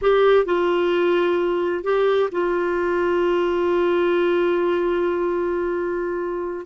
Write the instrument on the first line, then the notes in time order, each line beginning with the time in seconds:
clarinet
0.01 G4
0.45 F4
1.83 G4
2.31 F4